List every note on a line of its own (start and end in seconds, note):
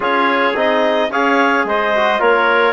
0.00 0.53 C#4
0.00 0.54 F4
0.00 1.10 G#4
0.00 0.57 C#5
0.54 1.09 C4
0.54 1.11 D#4
0.54 1.11 D#5
1.10 1.64 C#4
1.10 1.94 G#4
1.10 1.66 C#5
1.10 1.66 F5
1.64 2.19 G#3
1.64 2.20 C5
1.64 2.21 D#5
1.95 2.19 F#4
2.19 2.73 A#3
2.19 2.73 F4
2.19 2.73 A#4
2.19 2.73 C#5